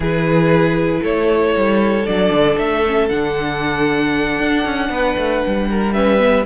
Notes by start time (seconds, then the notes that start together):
0.00 E3 E4 G#4 B4
1.01 A3 A4 C#5
1.56 G3
2.06 F#3 D4 D5
2.30 D3
2.58 A3 E5
2.86 C#4
3.09 D3 D4 F#5
4.39 D4
4.65 C#4
4.89 B3 B4
5.16 A3
5.46 G3
5.70 A#4
5.92 C#4 B4 E5
6.19 B3